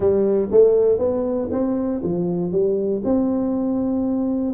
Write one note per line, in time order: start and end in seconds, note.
0.00 0.48 G3
0.51 0.98 A3
0.98 1.49 B3
1.51 2.01 C4
2.03 2.51 F3
2.51 3.02 G3
3.04 4.54 C4